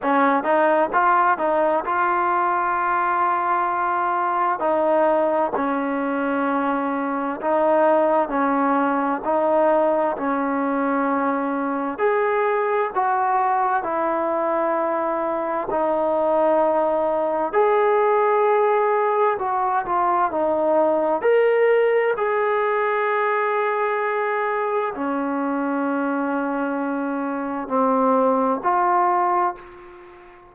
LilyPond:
\new Staff \with { instrumentName = "trombone" } { \time 4/4 \tempo 4 = 65 cis'8 dis'8 f'8 dis'8 f'2~ | f'4 dis'4 cis'2 | dis'4 cis'4 dis'4 cis'4~ | cis'4 gis'4 fis'4 e'4~ |
e'4 dis'2 gis'4~ | gis'4 fis'8 f'8 dis'4 ais'4 | gis'2. cis'4~ | cis'2 c'4 f'4 | }